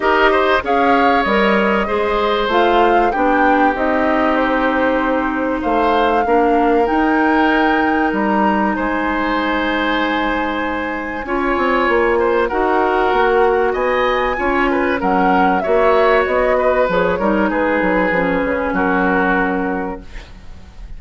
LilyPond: <<
  \new Staff \with { instrumentName = "flute" } { \time 4/4 \tempo 4 = 96 dis''4 f''4 dis''2 | f''4 g''4 dis''4 c''4~ | c''4 f''2 g''4~ | g''4 ais''4 gis''2~ |
gis''1 | fis''2 gis''2 | fis''4 e''4 dis''4 cis''4 | b'2 ais'2 | }
  \new Staff \with { instrumentName = "oboe" } { \time 4/4 ais'8 c''8 cis''2 c''4~ | c''4 g'2.~ | g'4 c''4 ais'2~ | ais'2 c''2~ |
c''2 cis''4. c''8 | ais'2 dis''4 cis''8 b'8 | ais'4 cis''4. b'4 ais'8 | gis'2 fis'2 | }
  \new Staff \with { instrumentName = "clarinet" } { \time 4/4 g'4 gis'4 ais'4 gis'4 | f'4 d'4 dis'2~ | dis'2 d'4 dis'4~ | dis'1~ |
dis'2 f'2 | fis'2. f'4 | cis'4 fis'2 gis'8 dis'8~ | dis'4 cis'2. | }
  \new Staff \with { instrumentName = "bassoon" } { \time 4/4 dis'4 cis'4 g4 gis4 | a4 b4 c'2~ | c'4 a4 ais4 dis'4~ | dis'4 g4 gis2~ |
gis2 cis'8 c'8 ais4 | dis'4 ais4 b4 cis'4 | fis4 ais4 b4 f8 g8 | gis8 fis8 f8 cis8 fis2 | }
>>